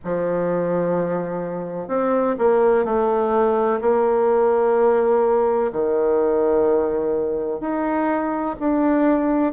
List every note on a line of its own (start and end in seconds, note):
0.04 1.87 F3
1.87 2.35 C4
2.38 2.84 A#3
2.84 3.80 A3
3.81 5.71 A#3
5.72 7.60 D#3
7.60 8.55 D#4
8.59 9.52 D4